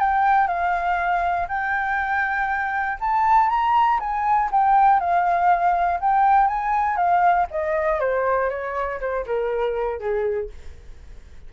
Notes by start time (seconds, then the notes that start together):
0.00 G5
0.48 F5
1.48 G5
3.00 A5
3.50 A#5
4.00 G#5
4.52 G5
5.00 F5
6.00 G5
6.47 G#5
6.97 F5
7.51 D#5
8.00 C5
8.50 C#5
9.00 C5
9.26 A#4
10.00 G#4